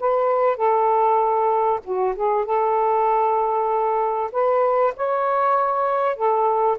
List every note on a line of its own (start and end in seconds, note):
0.00 0.56 B4
0.56 1.80 A4
1.84 2.15 F#4
2.15 2.45 G#4
2.45 4.30 A4
4.32 4.93 B4
4.96 6.16 C#5
6.16 6.77 A4